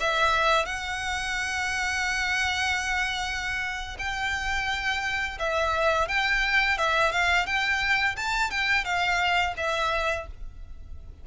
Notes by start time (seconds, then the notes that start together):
0.00 E5
0.65 F#5
3.98 G5
5.39 E5
6.08 G5
6.77 E5
7.11 F5
7.46 G5
8.16 A5
8.50 G5
8.84 F5
9.57 E5